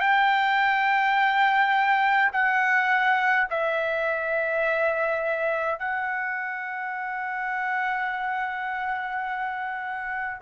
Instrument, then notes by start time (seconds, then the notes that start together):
trumpet
0.00 G5
2.32 F#5
3.50 E5
5.79 F#5